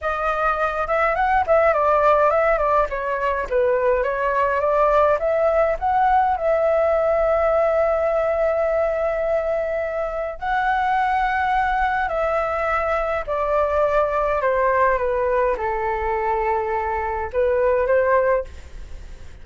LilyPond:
\new Staff \with { instrumentName = "flute" } { \time 4/4 \tempo 4 = 104 dis''4. e''8 fis''8 e''8 d''4 | e''8 d''8 cis''4 b'4 cis''4 | d''4 e''4 fis''4 e''4~ | e''1~ |
e''2 fis''2~ | fis''4 e''2 d''4~ | d''4 c''4 b'4 a'4~ | a'2 b'4 c''4 | }